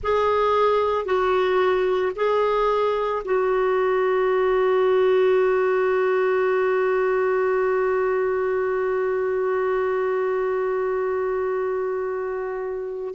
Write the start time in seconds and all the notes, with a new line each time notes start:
0.03 G#4
1.05 F#4
2.15 G#4
3.24 F#4